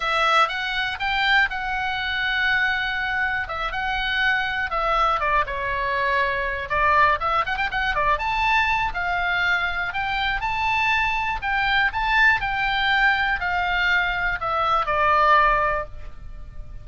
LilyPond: \new Staff \with { instrumentName = "oboe" } { \time 4/4 \tempo 4 = 121 e''4 fis''4 g''4 fis''4~ | fis''2. e''8 fis''8~ | fis''4. e''4 d''8 cis''4~ | cis''4. d''4 e''8 fis''16 g''16 fis''8 |
d''8 a''4. f''2 | g''4 a''2 g''4 | a''4 g''2 f''4~ | f''4 e''4 d''2 | }